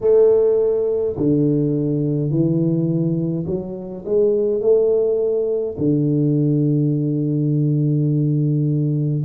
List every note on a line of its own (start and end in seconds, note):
0.00 1.15 A3
1.16 2.30 D3
2.30 3.45 E3
3.46 4.04 F#3
4.05 4.60 G#3
4.60 5.76 A3
5.77 9.24 D3